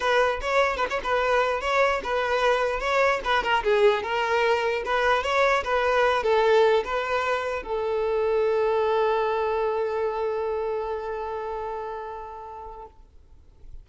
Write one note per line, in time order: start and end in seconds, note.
0.00 0.40 B4
0.41 0.76 C#5
0.76 0.86 B4
0.90 1.00 C#5
1.03 1.61 B4
1.61 2.01 C#5
2.03 2.80 B4
2.80 3.20 C#5
3.24 3.43 B4
3.43 3.63 A#4
3.63 4.02 G#4
4.02 4.83 A#4
4.85 5.23 B4
5.23 5.63 C#5
5.64 6.23 B4
6.23 6.83 A4
6.84 7.62 B4
7.62 12.86 A4